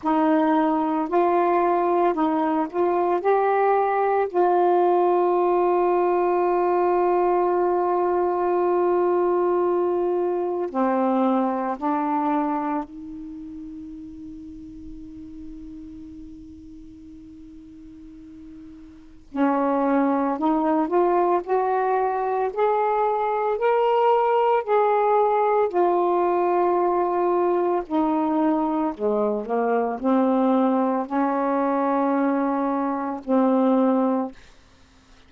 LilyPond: \new Staff \with { instrumentName = "saxophone" } { \time 4/4 \tempo 4 = 56 dis'4 f'4 dis'8 f'8 g'4 | f'1~ | f'2 c'4 d'4 | dis'1~ |
dis'2 cis'4 dis'8 f'8 | fis'4 gis'4 ais'4 gis'4 | f'2 dis'4 gis8 ais8 | c'4 cis'2 c'4 | }